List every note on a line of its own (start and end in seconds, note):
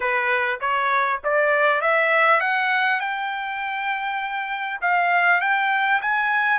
0.00 0.60 B4
0.60 1.20 C#5
1.24 1.81 D5
1.81 2.40 E5
2.40 2.99 F#5
2.99 4.79 G5
4.81 5.41 F5
5.41 6.01 G5
6.01 6.59 G#5